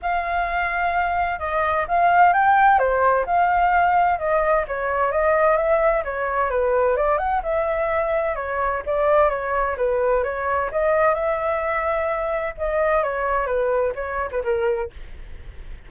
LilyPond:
\new Staff \with { instrumentName = "flute" } { \time 4/4 \tempo 4 = 129 f''2. dis''4 | f''4 g''4 c''4 f''4~ | f''4 dis''4 cis''4 dis''4 | e''4 cis''4 b'4 d''8 fis''8 |
e''2 cis''4 d''4 | cis''4 b'4 cis''4 dis''4 | e''2. dis''4 | cis''4 b'4 cis''8. b'16 ais'4 | }